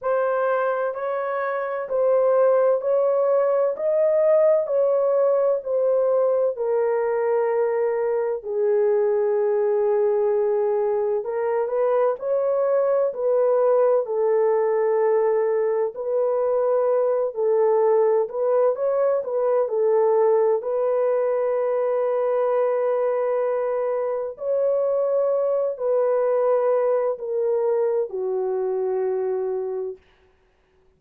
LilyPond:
\new Staff \with { instrumentName = "horn" } { \time 4/4 \tempo 4 = 64 c''4 cis''4 c''4 cis''4 | dis''4 cis''4 c''4 ais'4~ | ais'4 gis'2. | ais'8 b'8 cis''4 b'4 a'4~ |
a'4 b'4. a'4 b'8 | cis''8 b'8 a'4 b'2~ | b'2 cis''4. b'8~ | b'4 ais'4 fis'2 | }